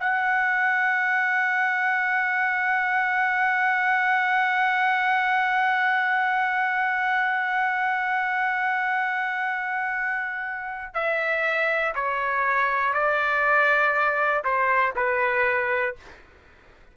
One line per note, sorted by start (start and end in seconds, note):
0.00 10.95 F#5
10.95 11.95 E5
11.95 12.93 C#5
12.93 14.43 D5
14.44 14.94 C5
14.95 15.95 B4